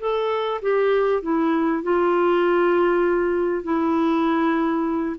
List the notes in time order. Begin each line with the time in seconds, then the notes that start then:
0.00 A4
0.62 G4
1.22 E4
1.83 F4
3.63 E4